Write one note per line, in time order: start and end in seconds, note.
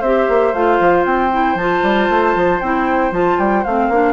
0.00 0.27 C4
0.00 0.54 G4
0.00 4.12 C5
0.00 0.53 E5
0.28 0.53 A#3
0.53 0.79 A3
0.53 1.31 F4
0.53 1.04 F5
0.80 1.05 F3
1.05 1.54 C4
1.05 1.57 G5
1.31 1.57 E4
1.54 1.80 F3
1.54 2.62 F4
1.54 2.60 A5
1.82 2.08 G3
2.09 2.35 A3
2.35 2.60 F3
2.60 3.11 C4
2.60 3.12 E4
2.60 3.12 G5
3.11 3.37 F3
3.11 3.64 F4
3.11 3.38 A5
3.38 3.64 G3
3.38 3.64 G5
3.64 3.88 A3
3.64 3.92 C4
3.64 4.12 F5
3.88 4.12 A#3
3.88 4.12 D4